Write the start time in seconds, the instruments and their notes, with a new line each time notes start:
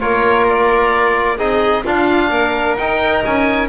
0.00 double bass A#3, trombone F4, violin A#4, oboe C#5
0.48 oboe D5
1.37 double bass C4, trombone D#4, violin G#4, oboe D#5
1.84 double bass D4, trombone D4, violin F4, oboe F5
2.30 double bass A#3, violin A#4
2.77 double bass D#4, trombone D#4, oboe G5
3.25 double bass C#4, oboe G#5